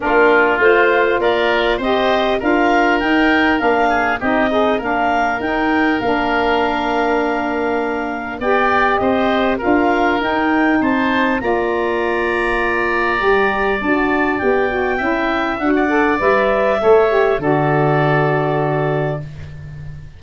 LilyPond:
<<
  \new Staff \with { instrumentName = "clarinet" } { \time 4/4 \tempo 4 = 100 ais'4 c''4 d''4 dis''4 | f''4 g''4 f''4 dis''4 | f''4 g''4 f''2~ | f''2 g''4 dis''4 |
f''4 g''4 a''4 ais''4~ | ais''2. a''4 | g''2 fis''4 e''4~ | e''4 d''2. | }
  \new Staff \with { instrumentName = "oboe" } { \time 4/4 f'2 ais'4 c''4 | ais'2~ ais'8 gis'8 g'8 dis'8 | ais'1~ | ais'2 d''4 c''4 |
ais'2 c''4 d''4~ | d''1~ | d''4 e''4~ e''16 d''4.~ d''16 | cis''4 a'2. | }
  \new Staff \with { instrumentName = "saxophone" } { \time 4/4 d'4 f'2 g'4 | f'4 dis'4 d'4 dis'8 gis'8 | d'4 dis'4 d'2~ | d'2 g'2 |
f'4 dis'2 f'4~ | f'2 g'4 fis'4 | g'8 fis'8 e'4 fis'8 a'8 b'4 | a'8 g'8 fis'2. | }
  \new Staff \with { instrumentName = "tuba" } { \time 4/4 ais4 a4 ais4 c'4 | d'4 dis'4 ais4 c'4 | ais4 dis'4 ais2~ | ais2 b4 c'4 |
d'4 dis'4 c'4 ais4~ | ais2 g4 d'4 | b4 cis'4 d'4 g4 | a4 d2. | }
>>